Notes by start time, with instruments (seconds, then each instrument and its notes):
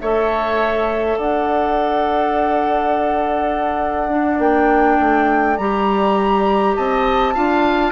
0.00 bassoon A3, clarinet A4, oboe C#5, flute E5
1.18 bassoon D4, oboe D5, flute F#5
4.10 clarinet D4
4.39 bassoon A#3, flute G5
5.00 bassoon A3
5.57 bassoon G3, clarinet G4, flute A#5
6.76 bassoon C4, oboe D#5, flute A5
7.35 bassoon D4, clarinet F4, oboe F5